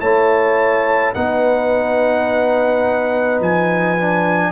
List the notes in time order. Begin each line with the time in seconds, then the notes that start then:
0.00 A3 E4 C#5 A5
1.14 B3 D#4 B4 F#5
3.40 F3 G#5
3.97 D4